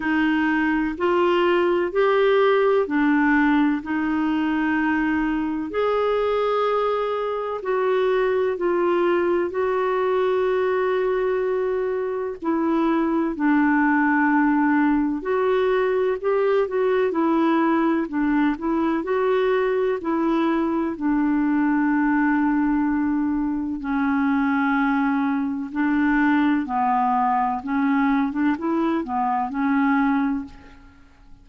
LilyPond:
\new Staff \with { instrumentName = "clarinet" } { \time 4/4 \tempo 4 = 63 dis'4 f'4 g'4 d'4 | dis'2 gis'2 | fis'4 f'4 fis'2~ | fis'4 e'4 d'2 |
fis'4 g'8 fis'8 e'4 d'8 e'8 | fis'4 e'4 d'2~ | d'4 cis'2 d'4 | b4 cis'8. d'16 e'8 b8 cis'4 | }